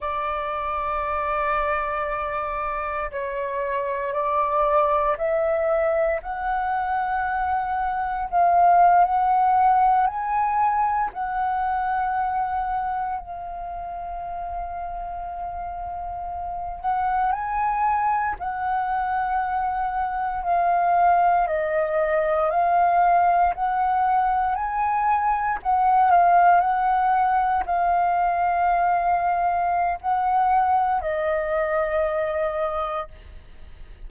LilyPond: \new Staff \with { instrumentName = "flute" } { \time 4/4 \tempo 4 = 58 d''2. cis''4 | d''4 e''4 fis''2 | f''8. fis''4 gis''4 fis''4~ fis''16~ | fis''8. f''2.~ f''16~ |
f''16 fis''8 gis''4 fis''2 f''16~ | f''8. dis''4 f''4 fis''4 gis''16~ | gis''8. fis''8 f''8 fis''4 f''4~ f''16~ | f''4 fis''4 dis''2 | }